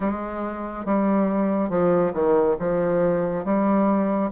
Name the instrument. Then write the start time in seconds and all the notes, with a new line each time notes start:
bassoon
0.00 G#3
0.85 G3
1.69 F3
2.13 D#3
2.59 F3
3.44 G3